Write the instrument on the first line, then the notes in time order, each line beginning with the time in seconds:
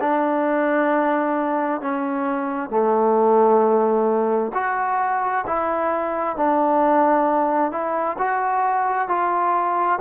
trombone
0.00 D4
1.81 C#4
2.70 A3
4.54 F#4
5.46 E4
6.36 D4
7.71 E4
8.18 F#4
9.08 F4